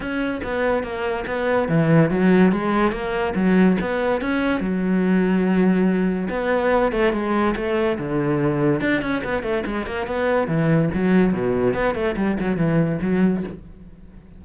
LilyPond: \new Staff \with { instrumentName = "cello" } { \time 4/4 \tempo 4 = 143 cis'4 b4 ais4 b4 | e4 fis4 gis4 ais4 | fis4 b4 cis'4 fis4~ | fis2. b4~ |
b8 a8 gis4 a4 d4~ | d4 d'8 cis'8 b8 a8 gis8 ais8 | b4 e4 fis4 b,4 | b8 a8 g8 fis8 e4 fis4 | }